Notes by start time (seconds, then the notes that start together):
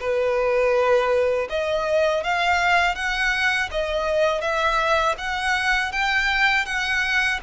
0.00 B4
1.49 D#5
2.24 F5
2.95 F#5
3.71 D#5
4.41 E5
5.18 F#5
5.92 G5
6.66 F#5